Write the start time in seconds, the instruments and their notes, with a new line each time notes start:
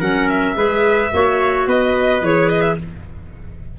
0.00 tuba F#3, clarinet C#4, trumpet A#4, violin F#5
0.29 violin E5
0.56 tuba G#3, clarinet G#4, trumpet B4
1.13 tuba A#3, clarinet F#4, trumpet C#5
1.67 tuba B3, trumpet B4, violin D#5
2.22 tuba E3, clarinet G#4, violin C#5
2.50 violin D#5
2.61 violin E5